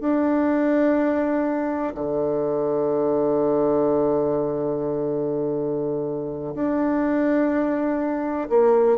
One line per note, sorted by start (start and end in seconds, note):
0.00 1.94 D4
1.94 6.54 D3
6.55 8.48 D4
8.49 8.98 A#3